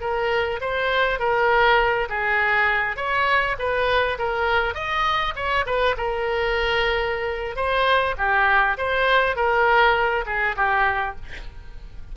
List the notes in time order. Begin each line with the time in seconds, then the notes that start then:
0.00 A#4
0.60 C5
1.19 A#4
2.09 G#4
2.96 C#5
3.58 B4
4.18 A#4
4.74 D#5
5.35 C#5
5.65 B4
5.97 A#4
7.56 C5
8.17 G4
8.77 C5
9.35 A#4
10.26 G#4
10.56 G4